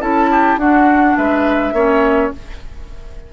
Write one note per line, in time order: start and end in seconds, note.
0.00 0.57 C#4
0.00 0.58 E4
0.00 0.30 A4
0.00 0.59 A5
0.30 0.59 G4
0.57 1.14 D4
0.57 1.75 D4
0.57 1.17 F#4
0.57 1.16 F#5
1.16 1.73 G#3
1.16 1.74 B4
1.16 2.32 E5
1.73 2.30 A#3
1.73 2.33 C#4
1.73 2.32 C#5